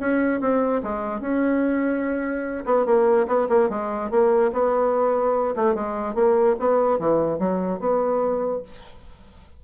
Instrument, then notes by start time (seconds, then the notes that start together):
bassoon
0.00 C#4
0.41 C4
0.83 G#3
1.21 C#4
2.66 B3
2.86 A#3
3.27 B3
3.49 A#3
3.70 G#3
4.11 A#3
4.53 B3
5.56 A3
5.75 G#3
6.15 A#3
6.60 B3
6.99 E3
7.39 F#3
7.80 B3